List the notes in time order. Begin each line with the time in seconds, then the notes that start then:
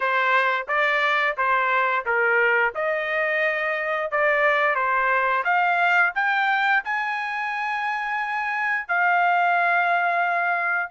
0.00 C5
0.68 D5
1.37 C5
2.05 A#4
2.75 D#5
4.11 D5
4.75 C5
5.44 F5
6.15 G5
6.84 G#5
8.88 F5